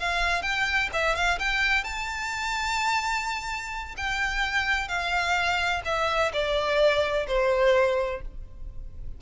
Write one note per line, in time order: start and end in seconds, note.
0.00 0.43 F5
0.43 0.90 G5
0.94 1.16 E5
1.16 1.39 F5
1.40 1.85 G5
1.85 3.95 A5
3.97 4.89 G5
4.89 5.82 F5
5.85 6.32 E5
6.33 7.27 D5
7.28 8.22 C5